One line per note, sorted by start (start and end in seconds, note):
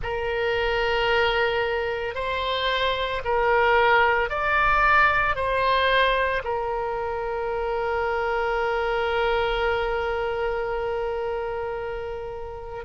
0.02 2.14 A#4
2.14 3.21 C5
3.24 4.29 A#4
4.29 5.35 D5
5.35 6.42 C5
6.44 12.85 A#4